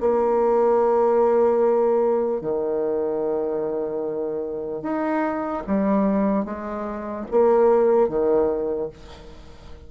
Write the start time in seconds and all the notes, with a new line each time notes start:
0.00 A#3
2.41 D#3
4.82 D#4
5.67 G3
6.45 G#3
7.30 A#3
8.08 D#3